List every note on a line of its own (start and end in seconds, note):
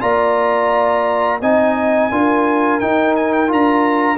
0.00 1.41 A#3
0.00 1.40 F4
0.00 1.41 D5
0.00 1.40 A#5
1.41 2.11 C4
1.41 2.11 D#4
1.41 2.11 D#5
1.41 2.80 G#5
2.11 2.81 D4
2.11 2.81 F4
2.11 4.17 A#4
2.80 3.47 D#4
2.80 3.51 D#4
2.80 3.15 G5
3.16 3.33 G#5
3.33 3.50 G5
3.47 4.17 D4
3.47 4.17 F4
3.47 4.17 A#5